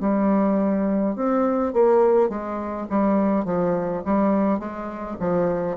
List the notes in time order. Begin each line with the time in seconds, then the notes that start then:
0.00 G3
1.15 C4
1.73 A#3
2.30 G#3
2.90 G3
3.45 F3
4.05 G3
4.59 G#3
5.20 F3